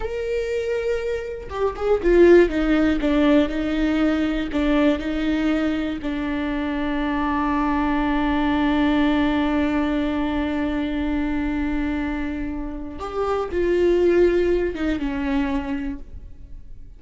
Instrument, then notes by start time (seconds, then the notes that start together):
viola
0.00 A#4
1.49 G4
1.75 G#4
2.02 F4
2.49 D#4
3.00 D4
3.48 D#4
4.52 D4
4.98 D#4
6.01 D4
12.99 G4
13.51 F4
14.75 D#4
14.99 C#4